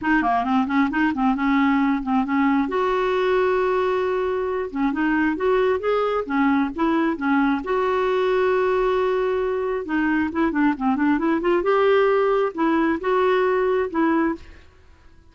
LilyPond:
\new Staff \with { instrumentName = "clarinet" } { \time 4/4 \tempo 4 = 134 dis'8 ais8 c'8 cis'8 dis'8 c'8 cis'4~ | cis'8 c'8 cis'4 fis'2~ | fis'2~ fis'8 cis'8 dis'4 | fis'4 gis'4 cis'4 e'4 |
cis'4 fis'2.~ | fis'2 dis'4 e'8 d'8 | c'8 d'8 e'8 f'8 g'2 | e'4 fis'2 e'4 | }